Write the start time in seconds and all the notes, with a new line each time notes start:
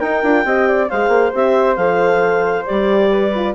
0.00 D#4 A#4 G5
0.23 D4 F4
0.45 C4 G4 D#5
0.68 D5
0.89 G#3 G#4 C5 F5
1.09 A#3
1.33 C4 G4 E5
1.76 F3 A4 F5
2.66 G3 G4 D5
3.11 B4
3.35 F4